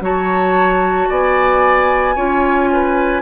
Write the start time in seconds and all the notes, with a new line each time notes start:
0.00 F#3 F#4 C#5 A5
1.09 B3 D5 G#5
2.15 C#4 F4 C#5
2.72 B4